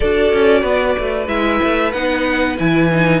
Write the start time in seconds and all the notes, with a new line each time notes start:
0.00 D4 F#4 A4 D5
0.33 C#4
0.60 B3 B4
0.98 A3
1.27 G#3 E4 E5
1.63 A3
1.92 B3 D#4 F#5
2.57 E3 E4 G#5
2.92 D#4